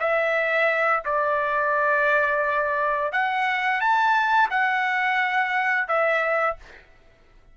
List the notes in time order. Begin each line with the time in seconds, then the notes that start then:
0.00 E5
1.05 D5
3.12 F#5
3.81 A5
4.50 F#5
5.88 E5